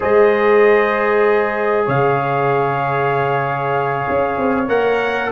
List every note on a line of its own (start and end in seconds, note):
0.00 1.87 G#3
0.00 4.65 G#4
0.00 1.85 C5
0.00 1.88 D#5
1.85 4.06 C#3
1.85 5.29 C#5
1.85 4.68 F5
4.08 4.37 C#4
4.37 4.68 C4
4.68 5.31 A#3
4.68 5.30 A#4
4.68 5.31 F#5